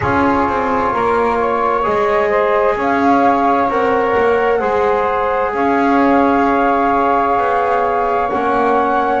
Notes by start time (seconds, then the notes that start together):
0.00 C#4 F4 G#4 C#5
0.48 C4
0.92 A#3 A#4
1.39 C#5
1.83 G#3 G#4 D#5
2.29 C5
2.75 C#4 C#5 F5
3.68 C4 A#4 F#5
4.17 A#3
4.58 G#3 G#4 C5
5.53 C#4 C#5 F5
7.37 B3
8.29 A#3 C#4 F#5